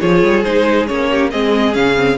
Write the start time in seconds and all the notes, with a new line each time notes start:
0.00 F3 F4 G#4 C#5
0.23 G3
0.43 G#3 D#4 C5
0.87 A#3 C#4 C#5
1.11 G4
1.31 G#3 C4 G#4 D#5
1.73 C#3 C#4 F5
1.97 C4